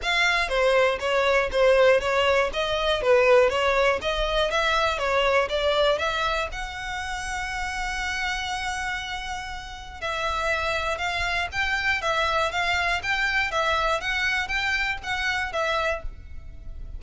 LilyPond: \new Staff \with { instrumentName = "violin" } { \time 4/4 \tempo 4 = 120 f''4 c''4 cis''4 c''4 | cis''4 dis''4 b'4 cis''4 | dis''4 e''4 cis''4 d''4 | e''4 fis''2.~ |
fis''1 | e''2 f''4 g''4 | e''4 f''4 g''4 e''4 | fis''4 g''4 fis''4 e''4 | }